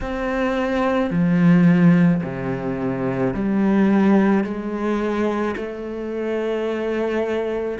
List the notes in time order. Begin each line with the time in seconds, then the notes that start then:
0.01 C4
1.10 F3
2.23 C3
3.34 G3
4.43 G#3
5.56 A3